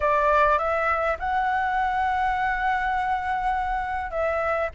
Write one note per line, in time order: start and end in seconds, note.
0.00 0.58 D5
0.58 1.17 E5
1.19 4.10 F#5
4.10 4.69 E5